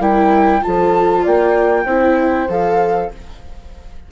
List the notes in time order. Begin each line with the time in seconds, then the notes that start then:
0.00 G3 E4 A#4 G5
0.62 F3 F4 A4 A5
1.23 A#3 D5 G5
1.85 C4 E4 C5
2.49 F3 A4 F5